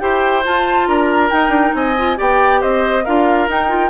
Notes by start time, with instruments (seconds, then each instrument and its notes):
0.00 bassoon E4, clarinet G4, oboe C5, flute G5
0.45 clarinet F4, bassoon F4, flute A5
0.88 bassoon D4, oboe A#4, flute A#5
1.31 clarinet D#4, bassoon D#4, flute G5
1.49 bassoon D4
1.75 bassoon C4, oboe D#5, flute G#5
1.98 clarinet F4
2.17 bassoon B3, clarinet G4, oboe D5, flute G5
2.61 bassoon C4, oboe C5, flute D#5
3.05 bassoon D4, clarinet F4, oboe A#4, flute F5
3.48 bassoon D#4, clarinet D#4, flute G5
3.69 clarinet F4